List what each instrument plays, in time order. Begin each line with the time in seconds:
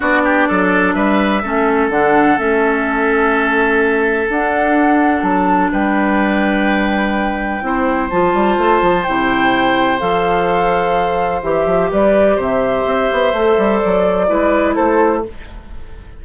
0.00 bassoon B3, clarinet D4, oboe F#4, flute D5
0.24 oboe G4
0.48 bassoon F#3, oboe A4
0.93 bassoon G3, oboe B4, flute E5
1.42 bassoon A3, clarinet C#4, oboe A4
1.89 bassoon D3, clarinet D4, flute F#5
2.37 bassoon A3, clarinet C#4, flute E5
4.28 bassoon D4, clarinet D4, flute F#5
5.22 bassoon F#3, flute A5
5.72 bassoon G3, oboe B4, flute G5
7.61 bassoon C4, clarinet E4, oboe C5
8.10 bassoon F3, clarinet F4, flute A5
8.33 bassoon G3
8.57 bassoon A3
8.81 bassoon F3
9.03 bassoon C3, clarinet E4, flute G5
9.98 bassoon F3, clarinet A4, flute F5
11.42 bassoon E3, clarinet G4, flute E5
11.66 bassoon F3
11.91 bassoon G3, oboe B4, flute D5
12.35 bassoon C3, oboe C5, flute E5
12.85 bassoon C4
13.12 bassoon B3
13.33 bassoon A3, clarinet A4
13.57 bassoon G3
13.79 bassoon F#3, flute D5
14.27 bassoon G#3, clarinet E4, oboe B4
14.75 bassoon A3, oboe A4, flute C5